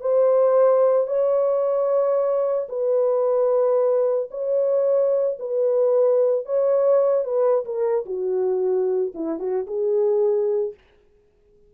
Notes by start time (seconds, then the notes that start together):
0.00 C5
1.07 C#5
2.69 B4
4.30 C#5
5.39 B4
6.45 C#5
7.24 B4
7.65 A#4
8.06 F#4
9.14 E4
9.39 F#4
9.67 G#4